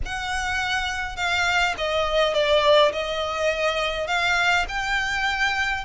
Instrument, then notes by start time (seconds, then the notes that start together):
violin
0.05 F#5
1.16 F5
1.77 D#5
2.34 D5
2.92 D#5
4.07 F5
4.68 G5